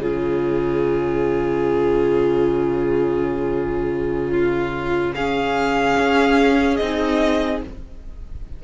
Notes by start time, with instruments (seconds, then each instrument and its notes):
0.00 cello C#3, viola F4, violin G#4 C#5
4.31 violin F4
5.15 viola C#4, violin G#4 F5
5.97 cello C#4
6.77 cello C4, viola D#4, violin D#5